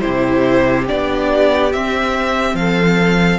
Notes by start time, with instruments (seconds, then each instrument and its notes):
0.00 cello C3, viola E4, violin G4 C5
0.86 cello B3, viola D4, violin D5
1.72 cello C4, viola C4, violin E5
2.54 cello F3, violin A4 F5